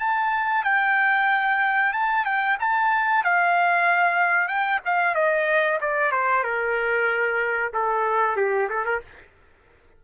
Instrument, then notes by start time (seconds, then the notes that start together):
trumpet
0.00 A5
0.65 G5
1.93 A5
2.26 G5
2.60 A5
3.24 F5
4.48 G5
4.85 F5
5.15 D#5
5.81 D5
6.12 C5
6.44 A#4
7.74 A4
8.37 G4
8.69 A4
8.86 A#4